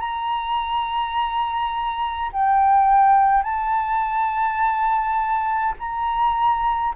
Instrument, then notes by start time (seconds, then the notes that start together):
flute
0.00 A#5
2.33 G5
3.44 A5
5.80 A#5